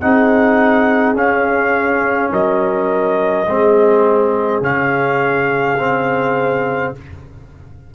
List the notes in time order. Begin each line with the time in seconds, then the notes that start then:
0.00 C4 D#4 G#4 F#5
1.13 C#4 F5
2.31 F#3 A#4 D#5
3.47 G#3 C4 G#4
4.61 C#3 C#4 F5
5.79 C4